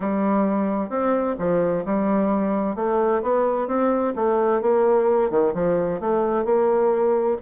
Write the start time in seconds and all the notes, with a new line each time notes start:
0.00 G3
0.89 C4
1.38 F3
1.85 G3
2.75 A3
3.22 B3
3.67 C4
4.15 A3
4.61 A#3
5.30 D#3
5.54 F3
6.00 A3
6.44 A#3